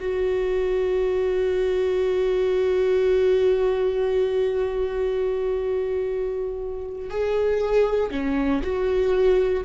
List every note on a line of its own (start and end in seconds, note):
0.00 7.10 F#4
7.10 8.11 G#4
8.11 8.62 C#4
8.63 9.64 F#4